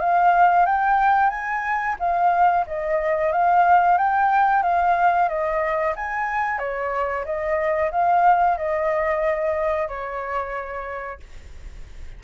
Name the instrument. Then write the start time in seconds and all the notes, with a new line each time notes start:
flute
0.00 F5
0.66 G5
1.30 G#5
2.00 F5
2.67 D#5
3.32 F5
3.98 G5
4.63 F5
5.29 D#5
5.96 G#5
6.59 C#5
7.25 D#5
7.92 F5
8.58 D#5
9.88 C#5